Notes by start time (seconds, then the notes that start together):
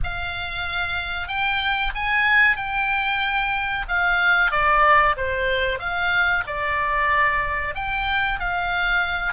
0.03 F5
1.28 G5
1.94 G#5
2.56 G5
3.88 F5
4.51 D5
5.16 C5
5.79 F5
6.47 D5
7.74 G5
8.39 F5